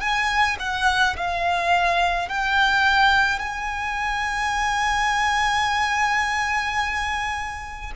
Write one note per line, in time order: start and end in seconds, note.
0.00 0.57 G#5
0.59 1.16 F#5
1.16 2.28 F5
2.28 3.39 G5
3.39 7.91 G#5